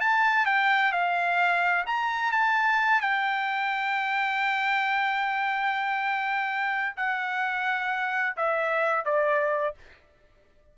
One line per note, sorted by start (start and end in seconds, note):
0.00 0.46 A5
0.46 0.92 G5
0.92 1.85 F5
1.86 2.32 A#5
2.32 3.01 A5
3.01 6.96 G5
6.97 8.36 F#5
8.36 9.05 E5
9.05 9.75 D5